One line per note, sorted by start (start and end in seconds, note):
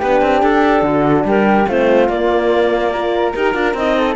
0.00 0.22 B3
0.00 1.69 D4
0.00 0.83 G4
0.00 0.42 B4
0.22 0.43 C4
0.42 0.83 D4
0.42 1.25 A4
0.83 1.24 D3
0.83 1.25 F#4
1.25 1.66 G3
1.25 1.68 G4
1.25 1.70 A#4
1.68 2.09 A3
1.68 2.09 C4
1.68 2.93 F4
1.68 2.09 C5
2.09 3.34 A#3
2.09 2.93 A#3
2.09 3.34 D5
2.93 3.36 F4
2.93 3.97 A#4
3.35 3.55 D#4
3.35 3.54 G4
3.35 3.76 A#4
3.54 3.74 D4
3.54 3.75 F4
3.74 4.16 C4
3.74 4.16 D#4
3.74 4.16 D#5
3.98 4.16 A4